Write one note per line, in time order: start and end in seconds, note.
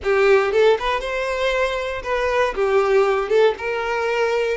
0.03 0.52 G4
0.52 0.77 A4
0.79 1.00 B4
1.00 2.02 C5
2.03 2.54 B4
2.55 3.29 G4
3.29 3.54 A4
3.58 4.57 A#4